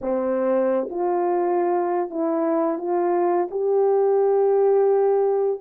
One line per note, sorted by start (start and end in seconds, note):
0.01 0.88 C4
0.90 2.10 F4
2.10 2.78 E4
2.78 3.48 F4
3.51 5.60 G4